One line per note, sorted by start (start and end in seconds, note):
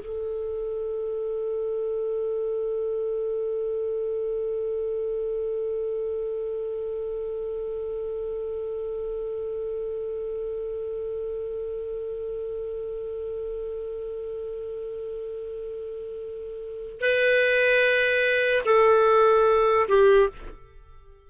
0.00 17.01 A4
17.01 18.63 B4
18.66 19.87 A4
19.89 20.29 G4